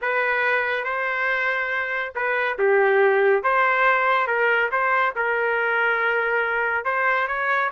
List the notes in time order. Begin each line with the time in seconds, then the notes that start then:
0.01 B4
0.84 C5
2.15 B4
2.58 G4
3.43 C5
4.27 A#4
4.71 C5
5.15 A#4
6.84 C5
7.27 C#5